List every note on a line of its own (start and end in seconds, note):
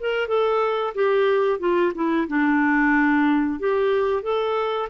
0.00 0.28 A#4
0.28 0.94 A4
0.95 1.60 G4
1.60 1.93 F4
1.95 2.27 E4
2.28 3.59 D4
3.59 4.23 G4
4.23 4.89 A4